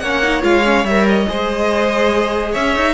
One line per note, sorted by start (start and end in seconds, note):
0.00 0.43 A#3
0.00 0.23 C#4
0.00 1.29 C#5
0.00 0.42 F#5
0.23 0.42 D#4
0.42 0.85 G#3
0.42 0.63 F4
0.42 0.86 F5
0.65 0.86 C#4
0.85 1.26 G3
0.85 1.27 A#4
0.85 1.07 E5
1.09 2.54 D#5
1.27 2.56 G#3
1.27 2.95 G#4
1.27 2.52 C5
2.52 2.77 C#4
2.52 2.94 C#5
2.52 2.95 E5
2.77 2.95 D#4